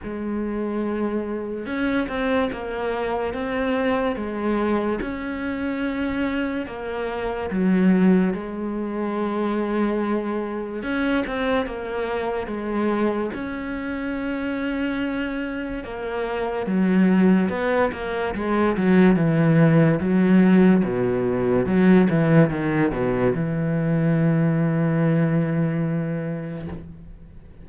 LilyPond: \new Staff \with { instrumentName = "cello" } { \time 4/4 \tempo 4 = 72 gis2 cis'8 c'8 ais4 | c'4 gis4 cis'2 | ais4 fis4 gis2~ | gis4 cis'8 c'8 ais4 gis4 |
cis'2. ais4 | fis4 b8 ais8 gis8 fis8 e4 | fis4 b,4 fis8 e8 dis8 b,8 | e1 | }